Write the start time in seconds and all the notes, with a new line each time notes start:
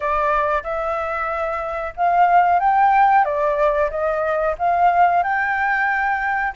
0.00 D5
0.63 E5
1.96 F5
2.59 G5
3.24 D5
3.90 D#5
4.58 F5
5.23 G5